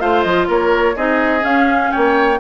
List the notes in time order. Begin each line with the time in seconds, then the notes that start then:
0.00 A3 F4 C5 F5
0.23 F3 D#5
0.48 A#3 A#4 C#5
0.96 C4 D#4 G#4 D#5
1.41 C#4 F5
1.92 A#3 C#5 G5